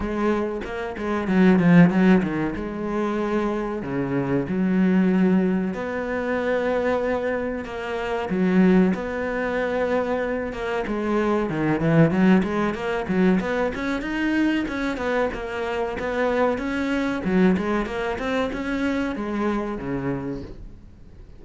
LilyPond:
\new Staff \with { instrumentName = "cello" } { \time 4/4 \tempo 4 = 94 gis4 ais8 gis8 fis8 f8 fis8 dis8 | gis2 cis4 fis4~ | fis4 b2. | ais4 fis4 b2~ |
b8 ais8 gis4 dis8 e8 fis8 gis8 | ais8 fis8 b8 cis'8 dis'4 cis'8 b8 | ais4 b4 cis'4 fis8 gis8 | ais8 c'8 cis'4 gis4 cis4 | }